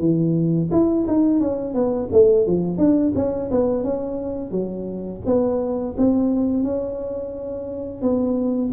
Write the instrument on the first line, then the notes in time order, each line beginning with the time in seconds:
tuba
0.00 E3
0.72 E4
1.08 D#4
1.40 C#4
1.75 B3
2.12 A3
2.47 F3
2.78 D4
3.16 C#4
3.51 B3
3.84 C#4
4.52 F#3
5.26 B3
5.98 C4
6.64 C#4
8.02 B3